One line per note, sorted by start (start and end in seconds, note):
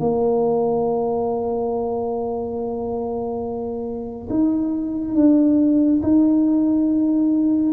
0.00 4.29 A#3
4.30 5.15 D#4
5.15 6.01 D4
6.03 7.73 D#4